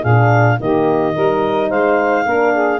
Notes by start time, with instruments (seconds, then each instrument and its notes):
0.00 tuba A#2, horn D4, saxophone G#4, clarinet F5
0.60 tuba D#3, horn A#3, saxophone G4, clarinet D#5
1.13 tuba G3, horn D#4, saxophone A#4
1.69 tuba G#3, saxophone C5, clarinet F5
2.25 tuba A#3, horn D4, saxophone A#4
2.53 saxophone G#4